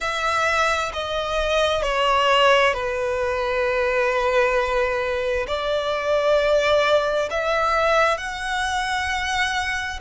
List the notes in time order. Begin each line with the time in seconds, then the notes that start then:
0.00 E5
0.93 D#5
1.82 C#5
2.73 B4
5.47 D5
7.30 E5
8.17 F#5